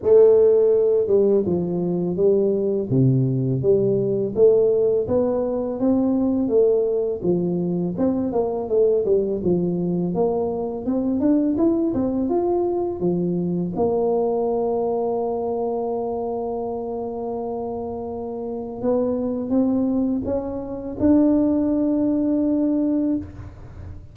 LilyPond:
\new Staff \with { instrumentName = "tuba" } { \time 4/4 \tempo 4 = 83 a4. g8 f4 g4 | c4 g4 a4 b4 | c'4 a4 f4 c'8 ais8 | a8 g8 f4 ais4 c'8 d'8 |
e'8 c'8 f'4 f4 ais4~ | ais1~ | ais2 b4 c'4 | cis'4 d'2. | }